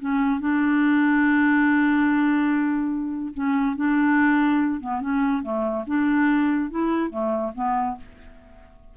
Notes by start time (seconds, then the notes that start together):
0.00 C#4
0.40 D4
3.34 C#4
3.76 D4
4.81 B3
5.01 C#4
5.43 A3
5.87 D4
6.71 E4
7.10 A3
7.55 B3